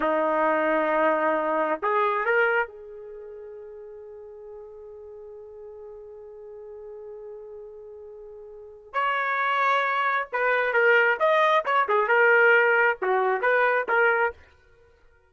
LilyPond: \new Staff \with { instrumentName = "trumpet" } { \time 4/4 \tempo 4 = 134 dis'1 | gis'4 ais'4 gis'2~ | gis'1~ | gis'1~ |
gis'1 | cis''2. b'4 | ais'4 dis''4 cis''8 gis'8 ais'4~ | ais'4 fis'4 b'4 ais'4 | }